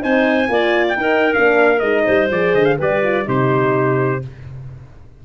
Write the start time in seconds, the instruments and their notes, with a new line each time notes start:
0.00 tuba C4, horn D#4, clarinet C5, trumpet G#5
0.48 tuba A#3, horn F4, clarinet D5
0.88 trumpet G5
0.96 tuba D#4, horn D#4, clarinet A#4
1.33 tuba A#3, horn D4, trumpet F5
1.79 tuba G#3, horn D#4, trumpet D#5
2.04 tuba G3, clarinet C5
2.30 tuba F3, horn G#4, trumpet D5
2.54 tuba D3, trumpet D#5
2.65 trumpet F5
2.78 tuba G3, horn G4, clarinet B4, trumpet D5
3.03 horn F4
3.24 tuba C3, horn D#4, clarinet G4, trumpet C5